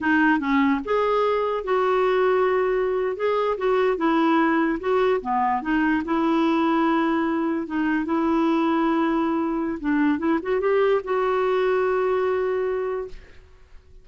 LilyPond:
\new Staff \with { instrumentName = "clarinet" } { \time 4/4 \tempo 4 = 147 dis'4 cis'4 gis'2 | fis'2.~ fis'8. gis'16~ | gis'8. fis'4 e'2 fis'16~ | fis'8. b4 dis'4 e'4~ e'16~ |
e'2~ e'8. dis'4 e'16~ | e'1 | d'4 e'8 fis'8 g'4 fis'4~ | fis'1 | }